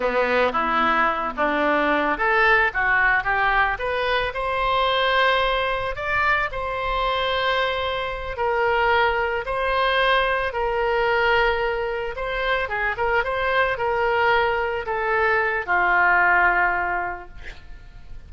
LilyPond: \new Staff \with { instrumentName = "oboe" } { \time 4/4 \tempo 4 = 111 b4 e'4. d'4. | a'4 fis'4 g'4 b'4 | c''2. d''4 | c''2.~ c''8 ais'8~ |
ais'4. c''2 ais'8~ | ais'2~ ais'8 c''4 gis'8 | ais'8 c''4 ais'2 a'8~ | a'4 f'2. | }